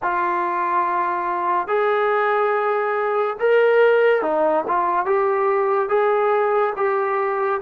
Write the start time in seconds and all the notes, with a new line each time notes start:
0.02 F4
1.67 G#4
3.39 A#4
4.22 D#4
4.67 F4
5.05 G4
5.88 G#4
6.76 G4